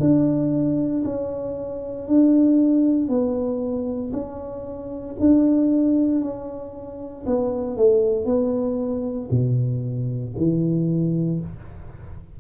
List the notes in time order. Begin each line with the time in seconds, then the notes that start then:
0.00 D4
1.05 C#4
2.08 D4
3.08 B3
4.13 C#4
5.20 D4
6.22 C#4
7.26 B3
7.77 A3
8.26 B3
9.31 B2
10.37 E3